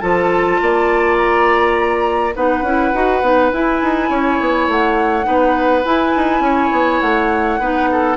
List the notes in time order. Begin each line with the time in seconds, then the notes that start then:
0.00 F3 F4 A4 A5
0.61 A#3 D5
1.17 A#5
2.35 B3 D#4 B4 F#5
2.62 C#4 E4
2.94 D#4 F#4
3.21 B3 D#4
3.53 E4 G#5
3.82 D#4
4.09 C#4 C#5
4.40 B3
4.67 A3 F#5
5.23 B3 D#4 B4
5.84 E4 G#5
6.16 D#4
6.40 C#4 C#5
6.72 B3
7.00 A3 F#5
7.59 B3 D#4 B4
7.91 A4